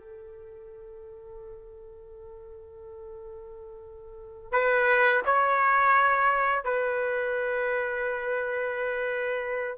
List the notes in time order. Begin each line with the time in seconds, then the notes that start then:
0.00 A4
4.52 B4
5.25 C#5
6.64 B4